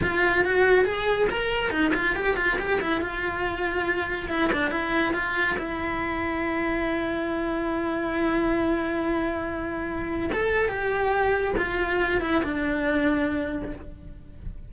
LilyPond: \new Staff \with { instrumentName = "cello" } { \time 4/4 \tempo 4 = 140 f'4 fis'4 gis'4 ais'4 | dis'8 f'8 g'8 f'8 g'8 e'8 f'4~ | f'2 e'8 d'8 e'4 | f'4 e'2.~ |
e'1~ | e'1 | a'4 g'2 f'4~ | f'8 e'8 d'2. | }